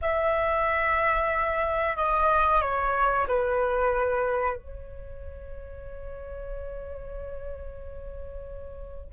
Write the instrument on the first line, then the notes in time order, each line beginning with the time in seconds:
flute
0.01 E5
1.96 D#5
2.61 C#5
3.27 B4
4.56 C#5